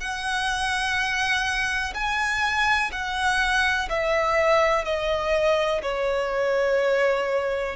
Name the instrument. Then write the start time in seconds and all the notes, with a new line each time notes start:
violin
0.00 F#5
1.94 G#5
2.92 F#5
3.90 E5
4.85 D#5
5.82 C#5